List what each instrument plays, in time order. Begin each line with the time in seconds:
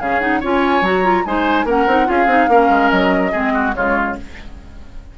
0.00 bassoon C#3, clarinet C#4, oboe G#4, flute F5
0.20 clarinet D#4, flute F#5
0.40 bassoon C#4, clarinet F4, oboe C#5, flute G#5
0.82 bassoon F#3, clarinet F#4, flute A#5
1.04 clarinet F4
1.25 bassoon G#3, clarinet D#4, oboe C5, flute G#5
1.65 bassoon A#3, clarinet C#4, oboe A#4, flute F#5
1.87 bassoon C4, clarinet D#4
2.06 bassoon C#4, clarinet F4, oboe G#4, flute F5
2.26 bassoon C4, clarinet D#4
2.49 bassoon A#3, clarinet C#4, oboe A#4
2.70 bassoon G#3
2.90 bassoon F#3, flute D#5
3.32 bassoon G#3, clarinet C4, oboe G#4
3.54 oboe F#4
3.74 bassoon C#3, clarinet G#3, oboe F4, flute C#5